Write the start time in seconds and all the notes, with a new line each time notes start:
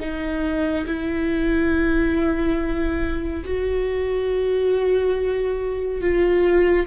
0.00 D#4
0.87 E4
3.45 F#4
6.01 F4